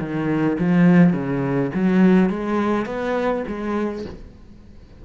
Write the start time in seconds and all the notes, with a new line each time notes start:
0.00 D#3
0.59 F3
1.13 C#3
1.75 F#3
2.30 G#3
2.86 B3
3.47 G#3